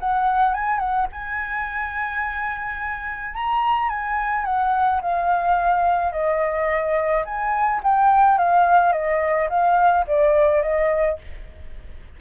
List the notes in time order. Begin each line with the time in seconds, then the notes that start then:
0.00 F#5
0.54 G#5
0.79 F#5
1.12 G#5
3.35 A#5
3.89 G#5
4.45 F#5
5.02 F5
6.12 D#5
7.25 G#5
7.84 G5
8.38 F5
8.93 D#5
9.49 F5
10.07 D5
10.63 D#5